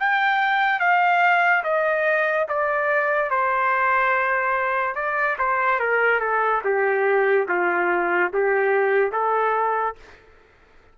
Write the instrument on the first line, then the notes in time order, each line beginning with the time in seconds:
trumpet
0.00 G5
0.80 F5
1.64 D#5
2.49 D5
3.31 C5
4.95 D5
5.39 C5
5.80 A#4
6.20 A4
6.64 G4
7.48 F4
8.33 G4
9.12 A4